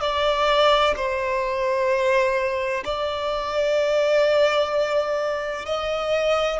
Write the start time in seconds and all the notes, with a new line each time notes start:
0.00 D5
0.96 C5
2.84 D5
5.65 D#5